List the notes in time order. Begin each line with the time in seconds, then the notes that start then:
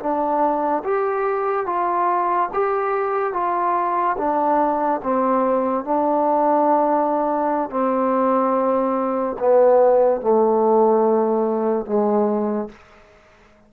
0.00 D4
0.84 G4
1.67 F4
2.53 G4
3.34 F4
4.18 D4
5.04 C4
5.85 D4
7.70 C4
9.40 B3
10.21 A3
11.86 G#3